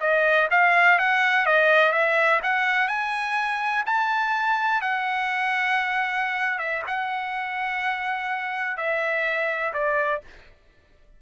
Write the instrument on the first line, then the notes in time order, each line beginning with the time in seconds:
trumpet
0.00 D#5
0.50 F5
0.98 F#5
1.46 D#5
1.92 E5
2.43 F#5
2.88 G#5
3.86 A5
4.81 F#5
6.59 E5
6.87 F#5
8.77 E5
9.73 D5